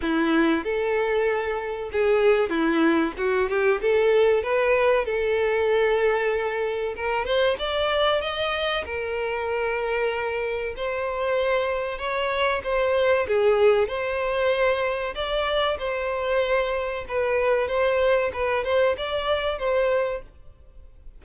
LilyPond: \new Staff \with { instrumentName = "violin" } { \time 4/4 \tempo 4 = 95 e'4 a'2 gis'4 | e'4 fis'8 g'8 a'4 b'4 | a'2. ais'8 c''8 | d''4 dis''4 ais'2~ |
ais'4 c''2 cis''4 | c''4 gis'4 c''2 | d''4 c''2 b'4 | c''4 b'8 c''8 d''4 c''4 | }